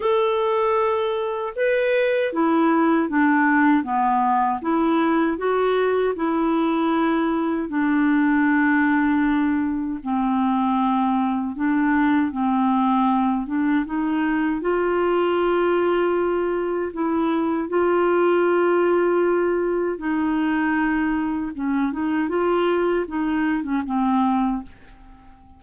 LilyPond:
\new Staff \with { instrumentName = "clarinet" } { \time 4/4 \tempo 4 = 78 a'2 b'4 e'4 | d'4 b4 e'4 fis'4 | e'2 d'2~ | d'4 c'2 d'4 |
c'4. d'8 dis'4 f'4~ | f'2 e'4 f'4~ | f'2 dis'2 | cis'8 dis'8 f'4 dis'8. cis'16 c'4 | }